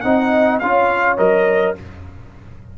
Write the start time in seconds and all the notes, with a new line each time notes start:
0.00 C4 D#4 D#5 F#5
0.59 C#4 F4 C#5 F5
1.17 F#3 A#4 D#5